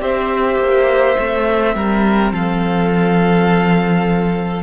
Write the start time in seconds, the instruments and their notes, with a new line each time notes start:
0.00 cello C4, viola G4, violin C5 E5
0.58 cello A#3
1.18 cello A3, viola C4
1.75 cello G3, violin A#4
2.32 cello F3, violin A4 F5